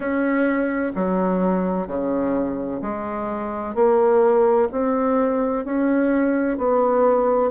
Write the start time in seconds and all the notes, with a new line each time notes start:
0.00 C#4
0.95 F#3
1.87 C#3
2.81 G#3
3.74 A#3
4.71 C4
5.64 C#4
6.57 B3